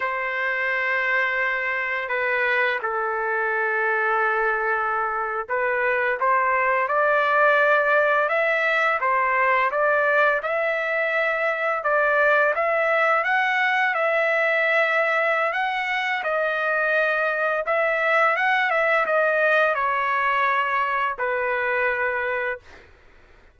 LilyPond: \new Staff \with { instrumentName = "trumpet" } { \time 4/4 \tempo 4 = 85 c''2. b'4 | a'2.~ a'8. b'16~ | b'8. c''4 d''2 e''16~ | e''8. c''4 d''4 e''4~ e''16~ |
e''8. d''4 e''4 fis''4 e''16~ | e''2 fis''4 dis''4~ | dis''4 e''4 fis''8 e''8 dis''4 | cis''2 b'2 | }